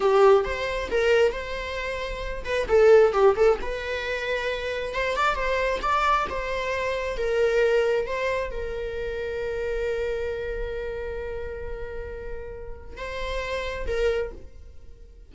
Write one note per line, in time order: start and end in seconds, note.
0.00 0.44 G4
0.44 0.89 C5
0.90 1.32 A#4
1.32 2.44 C5
2.44 2.66 B4
2.68 3.12 A4
3.12 3.35 G4
3.36 3.58 A4
3.61 4.94 B4
4.94 5.16 C5
5.16 5.35 D5
5.35 5.79 C5
5.81 6.26 D5
6.29 7.17 C5
7.17 8.06 A#4
8.06 8.51 C5
8.51 12.97 A#4
12.97 13.86 C5
13.86 14.31 A#4